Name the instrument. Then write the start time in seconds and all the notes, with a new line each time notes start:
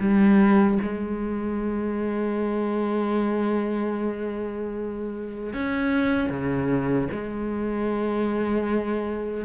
cello
0.00 G3
0.83 G#3
5.54 C#4
6.30 C#3
7.12 G#3